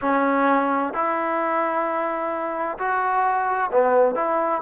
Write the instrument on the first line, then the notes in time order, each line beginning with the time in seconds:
trombone
0.01 C#4
0.93 E4
2.78 F#4
3.71 B3
4.15 E4